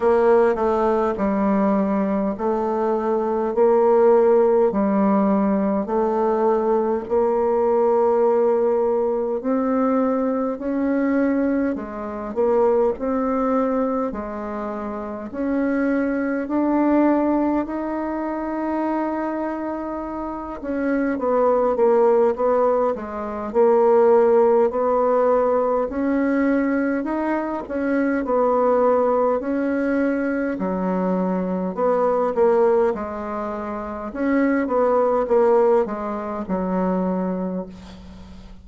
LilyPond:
\new Staff \with { instrumentName = "bassoon" } { \time 4/4 \tempo 4 = 51 ais8 a8 g4 a4 ais4 | g4 a4 ais2 | c'4 cis'4 gis8 ais8 c'4 | gis4 cis'4 d'4 dis'4~ |
dis'4. cis'8 b8 ais8 b8 gis8 | ais4 b4 cis'4 dis'8 cis'8 | b4 cis'4 fis4 b8 ais8 | gis4 cis'8 b8 ais8 gis8 fis4 | }